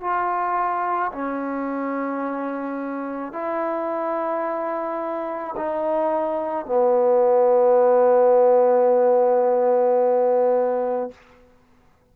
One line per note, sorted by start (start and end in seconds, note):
0.00 1.11 F4
1.12 3.32 C#4
3.32 5.55 E4
5.57 6.66 D#4
6.66 11.10 B3